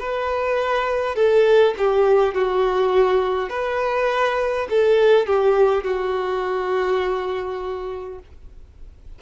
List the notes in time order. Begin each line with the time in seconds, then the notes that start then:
0.00 B4
1.16 A4
1.79 G4
2.35 F#4
3.50 B4
4.70 A4
5.27 G4
5.84 F#4